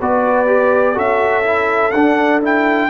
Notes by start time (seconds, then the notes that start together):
0.00 B3 F#4 B4 D5
0.47 G4
0.94 C#4 F#4 A4 E5
1.43 E4
1.92 D4 F#5
2.42 E4 G5